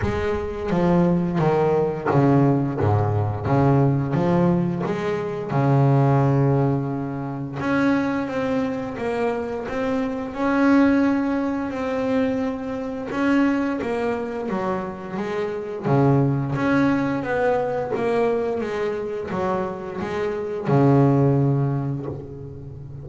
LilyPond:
\new Staff \with { instrumentName = "double bass" } { \time 4/4 \tempo 4 = 87 gis4 f4 dis4 cis4 | gis,4 cis4 f4 gis4 | cis2. cis'4 | c'4 ais4 c'4 cis'4~ |
cis'4 c'2 cis'4 | ais4 fis4 gis4 cis4 | cis'4 b4 ais4 gis4 | fis4 gis4 cis2 | }